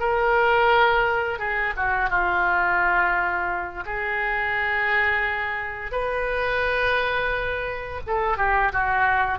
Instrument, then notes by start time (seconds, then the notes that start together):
oboe
0.00 A#4
1.39 G#4
1.77 F#4
2.10 F4
3.86 G#4
5.92 B4
8.07 A4
8.38 G4
8.72 F#4